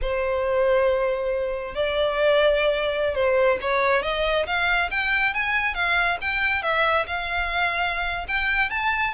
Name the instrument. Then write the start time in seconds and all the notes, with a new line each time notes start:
violin
0.01 C5
1.75 D5
3.14 C5
3.61 C#5
4.02 D#5
4.46 F5
4.91 G5
5.34 G#5
5.74 F5
6.21 G5
6.62 E5
7.07 F5
8.28 G5
8.70 A5